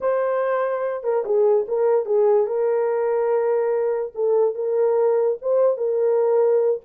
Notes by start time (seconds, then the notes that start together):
0.01 C5
1.03 A#4
1.25 G#4
1.68 A#4
2.05 G#4
2.46 A#4
4.15 A4
4.54 A#4
5.41 C5
5.77 A#4